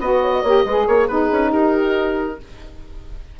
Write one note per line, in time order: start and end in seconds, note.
0.00 0.43 B3
0.00 0.45 F#4
0.00 0.21 B4
0.00 0.87 D#5
0.21 0.32 C#5
0.33 0.42 D#5
0.42 0.65 A#3
0.42 0.67 G4
0.42 0.64 C#5
0.65 0.87 G#3
0.65 1.09 G#4
0.65 0.86 B4
0.86 1.09 A#3
0.86 1.08 A#4
0.86 1.08 C#5
1.08 1.30 B3
1.08 2.39 D#4
1.08 1.51 G#4
1.08 1.51 B4
1.31 1.52 C#4
1.51 2.39 D#4
1.51 2.38 G4
1.51 2.40 A#4